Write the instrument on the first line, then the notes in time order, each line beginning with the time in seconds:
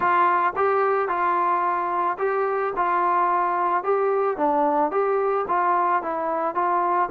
trombone
0.00 F4
0.56 G4
1.08 F4
2.18 G4
2.76 F4
3.83 G4
4.37 D4
4.91 G4
5.48 F4
6.02 E4
6.54 F4